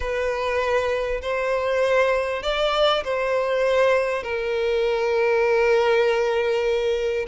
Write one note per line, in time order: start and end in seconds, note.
0.00 1.21 B4
1.21 2.42 C5
2.42 3.03 D5
3.04 4.23 C5
4.23 7.26 A#4